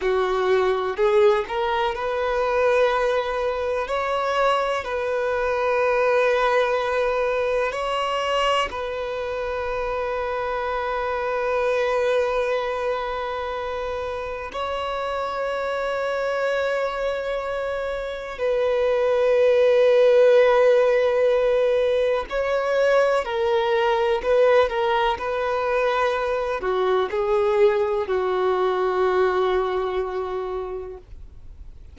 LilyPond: \new Staff \with { instrumentName = "violin" } { \time 4/4 \tempo 4 = 62 fis'4 gis'8 ais'8 b'2 | cis''4 b'2. | cis''4 b'2.~ | b'2. cis''4~ |
cis''2. b'4~ | b'2. cis''4 | ais'4 b'8 ais'8 b'4. fis'8 | gis'4 fis'2. | }